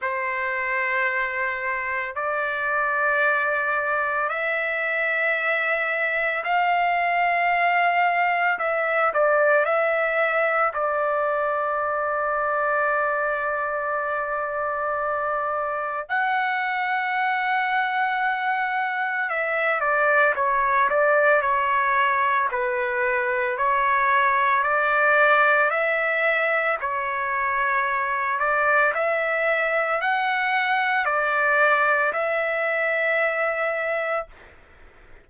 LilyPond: \new Staff \with { instrumentName = "trumpet" } { \time 4/4 \tempo 4 = 56 c''2 d''2 | e''2 f''2 | e''8 d''8 e''4 d''2~ | d''2. fis''4~ |
fis''2 e''8 d''8 cis''8 d''8 | cis''4 b'4 cis''4 d''4 | e''4 cis''4. d''8 e''4 | fis''4 d''4 e''2 | }